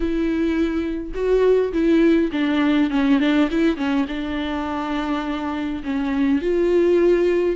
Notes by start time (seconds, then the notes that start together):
0.00 E4
1.14 F#4
1.72 E4
2.31 D4
2.90 C#4
3.19 D4
3.50 E4
3.76 C#4
4.08 D4
5.83 C#4
6.41 F4